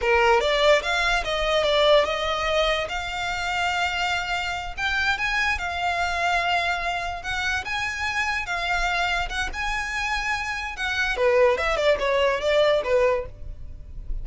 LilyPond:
\new Staff \with { instrumentName = "violin" } { \time 4/4 \tempo 4 = 145 ais'4 d''4 f''4 dis''4 | d''4 dis''2 f''4~ | f''2.~ f''8 g''8~ | g''8 gis''4 f''2~ f''8~ |
f''4. fis''4 gis''4.~ | gis''8 f''2 fis''8 gis''4~ | gis''2 fis''4 b'4 | e''8 d''8 cis''4 d''4 b'4 | }